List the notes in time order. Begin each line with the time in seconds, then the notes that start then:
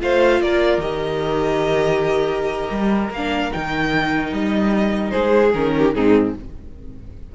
0.00 A3 F4 C5 F5
0.41 A#3 A#4 D5
0.77 D#3 G4 D#5
2.70 G3
3.10 A#3 F5
3.16 D4
3.51 D#3 D#4 G5
4.32 G3 D#5
5.10 G#3 G#4 C5
5.54 D#3 C#4 A#4
5.78 G4
5.94 G#2 C4 D#4 G#4